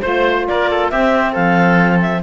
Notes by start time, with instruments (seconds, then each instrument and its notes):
0.00 cello A3, saxophone F4, clarinet C5, oboe C5
0.48 cello A#3, oboe A#4, clarinet D5
0.70 oboe A4
0.90 cello C4, saxophone C4, oboe G4, clarinet E5
1.32 cello F3, oboe A4, clarinet F5
2.02 clarinet E5